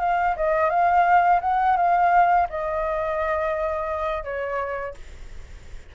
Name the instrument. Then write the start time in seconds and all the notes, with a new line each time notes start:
flute
0.00 F5
0.36 D#5
0.70 F5
1.41 F#5
1.76 F5
2.49 D#5
4.24 C#5